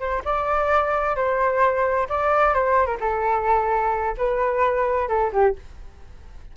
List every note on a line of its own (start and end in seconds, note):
0.00 0.23 C5
0.25 1.16 D5
1.16 2.08 C5
2.09 2.54 D5
2.54 2.86 C5
2.86 2.98 A#4
3.00 4.16 A4
4.18 5.09 B4
5.09 5.32 A4
5.33 5.56 G4